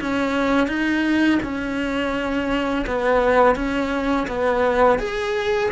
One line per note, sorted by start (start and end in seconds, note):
0.00 0.67 C#4
0.67 1.38 D#4
1.42 2.85 C#4
2.86 3.55 B3
3.55 4.27 C#4
4.27 4.99 B3
4.99 5.70 G#4